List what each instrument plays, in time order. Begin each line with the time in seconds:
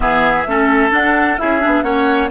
0.00 bassoon E3, clarinet B3, oboe G#4, flute E5
0.45 bassoon A3, clarinet C#4, oboe A4
0.90 clarinet D4, bassoon D4, flute F#5
1.38 bassoon C#4, clarinet E4, oboe G#4, flute E5
1.60 bassoon B3, clarinet D4
1.82 bassoon A#3, clarinet C#4, oboe C#5, flute F#5